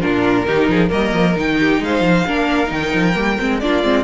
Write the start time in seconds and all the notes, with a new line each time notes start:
0.00 A#2 D4 F4 A#4
0.46 D#3 D#4 G4
0.69 F3 G#4
0.89 G3 A#3 A#4 D#5
1.13 F3
1.36 D#3 D#4 G5
1.59 G4
1.79 G#3 C5 F5
2.01 F3
2.27 A#3 D4 A#4
2.66 D#3 D#4 G5
2.94 F3
3.14 G3 A#3
3.39 G#3 C4
3.60 A#3 D4 F4 D5
3.83 G#3 C4